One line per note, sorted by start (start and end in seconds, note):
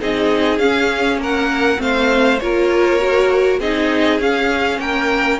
0.00 0.59 C4
0.00 0.60 D#4
0.00 1.20 G#4
0.00 0.58 D#5
0.58 1.17 C#4
0.58 1.77 C#4
0.58 1.18 F5
1.17 1.77 A#3
1.17 1.80 A#4
1.17 1.81 F#5
1.77 2.38 A3
1.77 2.37 C4
1.77 2.42 C5
1.77 2.39 F5
2.39 3.59 A#3
2.39 2.99 F4
2.39 3.59 A#4
2.39 3.59 C#5
2.99 3.59 F#4
3.59 4.19 C4
3.59 4.20 D#4
3.59 4.79 G#4
3.59 4.20 D#5
4.19 4.79 C#4
4.19 5.40 C#4
4.19 4.79 F5
4.79 5.39 A#3
4.79 5.40 A#4
4.79 5.40 G5